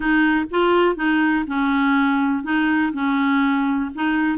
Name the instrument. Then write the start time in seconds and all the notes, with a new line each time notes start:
clarinet
0.00 D#4
0.50 F4
0.95 D#4
1.47 C#4
2.43 D#4
2.92 C#4
3.94 D#4